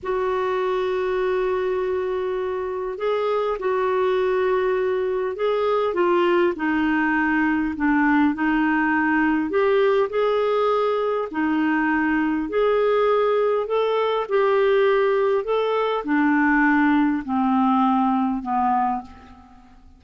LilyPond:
\new Staff \with { instrumentName = "clarinet" } { \time 4/4 \tempo 4 = 101 fis'1~ | fis'4 gis'4 fis'2~ | fis'4 gis'4 f'4 dis'4~ | dis'4 d'4 dis'2 |
g'4 gis'2 dis'4~ | dis'4 gis'2 a'4 | g'2 a'4 d'4~ | d'4 c'2 b4 | }